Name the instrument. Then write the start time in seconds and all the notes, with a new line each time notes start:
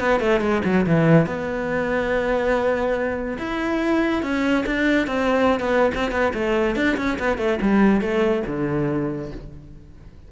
cello
0.00 B3
0.20 A3
0.41 G#3
0.65 F#3
0.86 E3
1.26 B3
3.38 E4
4.23 C#4
4.66 D4
5.07 C4
5.60 B3
5.95 C4
6.12 B3
6.34 A3
6.76 D4
6.97 C#4
7.19 B3
7.38 A3
7.62 G3
8.01 A3
8.47 D3